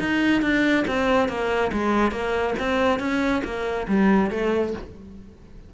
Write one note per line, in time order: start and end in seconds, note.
0.00 0.42 D#4
0.42 0.85 D4
0.88 1.29 C4
1.29 1.72 A#3
1.73 2.12 G#3
2.12 2.55 A#3
2.59 3.00 C4
3.00 3.42 C#4
3.44 3.87 A#3
3.88 4.31 G3
4.31 4.74 A3